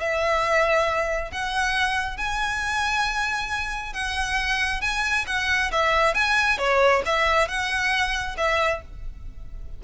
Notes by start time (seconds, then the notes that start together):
0.00 E5
1.31 F#5
2.17 G#5
3.93 F#5
4.81 G#5
5.27 F#5
5.72 E5
6.14 G#5
6.58 C#5
7.05 E5
7.48 F#5
8.37 E5